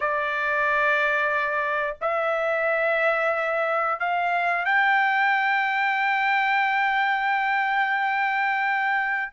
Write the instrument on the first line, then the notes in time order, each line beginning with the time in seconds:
trumpet
0.00 D5
2.01 E5
3.99 F5
4.65 G5